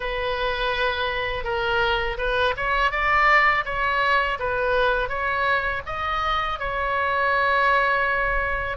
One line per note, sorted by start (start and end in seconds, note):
0.00 1.44 B4
1.44 2.17 A#4
2.18 2.54 B4
2.56 2.91 C#5
2.91 3.64 D5
3.65 4.38 C#5
4.39 5.09 B4
5.09 5.82 C#5
5.85 6.59 D#5
6.59 8.77 C#5